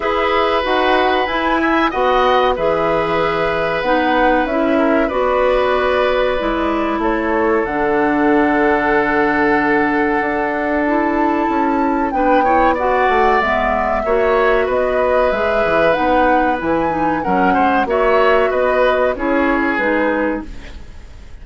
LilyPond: <<
  \new Staff \with { instrumentName = "flute" } { \time 4/4 \tempo 4 = 94 e''4 fis''4 gis''4 fis''4 | e''2 fis''4 e''4 | d''2. cis''4 | fis''1~ |
fis''4 a''2 g''4 | fis''4 e''2 dis''4 | e''4 fis''4 gis''4 fis''4 | e''4 dis''4 cis''4 b'4 | }
  \new Staff \with { instrumentName = "oboe" } { \time 4/4 b'2~ b'8 e''8 dis''4 | b'2.~ b'8 ais'8 | b'2. a'4~ | a'1~ |
a'2. b'8 cis''8 | d''2 cis''4 b'4~ | b'2. ais'8 c''8 | cis''4 b'4 gis'2 | }
  \new Staff \with { instrumentName = "clarinet" } { \time 4/4 gis'4 fis'4 e'4 fis'4 | gis'2 dis'4 e'4 | fis'2 e'2 | d'1~ |
d'4 e'2 d'8 e'8 | fis'4 b4 fis'2 | gis'4 dis'4 e'8 dis'8 cis'4 | fis'2 e'4 dis'4 | }
  \new Staff \with { instrumentName = "bassoon" } { \time 4/4 e'4 dis'4 e'4 b4 | e2 b4 cis'4 | b2 gis4 a4 | d1 |
d'2 cis'4 b4~ | b8 a8 gis4 ais4 b4 | gis8 e8 b4 e4 fis8 gis8 | ais4 b4 cis'4 gis4 | }
>>